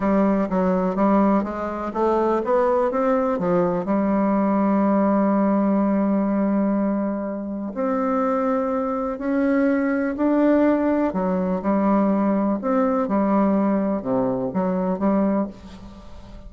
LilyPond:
\new Staff \with { instrumentName = "bassoon" } { \time 4/4 \tempo 4 = 124 g4 fis4 g4 gis4 | a4 b4 c'4 f4 | g1~ | g1 |
c'2. cis'4~ | cis'4 d'2 fis4 | g2 c'4 g4~ | g4 c4 fis4 g4 | }